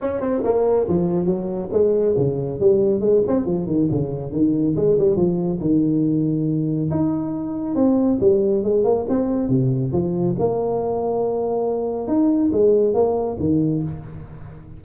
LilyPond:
\new Staff \with { instrumentName = "tuba" } { \time 4/4 \tempo 4 = 139 cis'8 c'8 ais4 f4 fis4 | gis4 cis4 g4 gis8 c'8 | f8 dis8 cis4 dis4 gis8 g8 | f4 dis2. |
dis'2 c'4 g4 | gis8 ais8 c'4 c4 f4 | ais1 | dis'4 gis4 ais4 dis4 | }